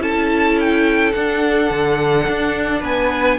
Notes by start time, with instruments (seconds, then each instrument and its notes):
0.00 cello C#4, viola E4, violin A4 A5
0.60 violin G5
1.12 viola D4, cello D4, violin F#5
1.71 cello D3
2.28 cello D4
2.81 cello B3, violin B4 G#5